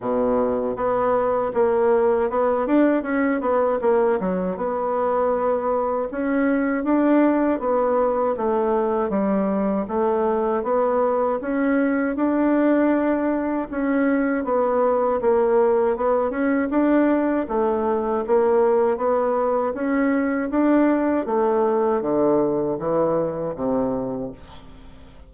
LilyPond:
\new Staff \with { instrumentName = "bassoon" } { \time 4/4 \tempo 4 = 79 b,4 b4 ais4 b8 d'8 | cis'8 b8 ais8 fis8 b2 | cis'4 d'4 b4 a4 | g4 a4 b4 cis'4 |
d'2 cis'4 b4 | ais4 b8 cis'8 d'4 a4 | ais4 b4 cis'4 d'4 | a4 d4 e4 c4 | }